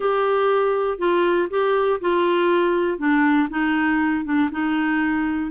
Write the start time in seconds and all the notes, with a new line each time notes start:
0.00 G4
0.98 F4
1.50 G4
2.00 F4
2.98 D4
3.50 D#4
4.24 D4
4.51 D#4